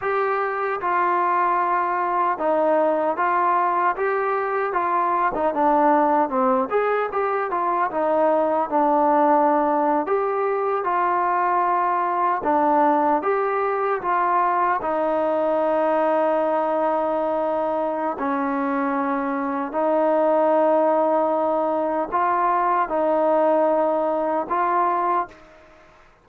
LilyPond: \new Staff \with { instrumentName = "trombone" } { \time 4/4 \tempo 4 = 76 g'4 f'2 dis'4 | f'4 g'4 f'8. dis'16 d'4 | c'8 gis'8 g'8 f'8 dis'4 d'4~ | d'8. g'4 f'2 d'16~ |
d'8. g'4 f'4 dis'4~ dis'16~ | dis'2. cis'4~ | cis'4 dis'2. | f'4 dis'2 f'4 | }